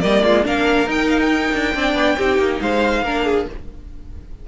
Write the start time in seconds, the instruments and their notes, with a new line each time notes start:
0.00 cello G3, viola A#3, violin D5 D#5
0.23 cello G#3, violin F4
0.43 cello A#3, viola D4, violin A#4 F5
0.86 cello D#4, viola D#4, violin G5
1.09 violin F5
1.21 violin G5
1.53 cello D4
1.74 cello C4, viola D4, violin D5
1.94 cello B3
2.17 cello C4, viola D#4, violin G4
2.38 cello A#3
2.61 cello G#3, violin C5 F5
3.02 cello A#3, viola D4, violin A#4
3.25 violin G#4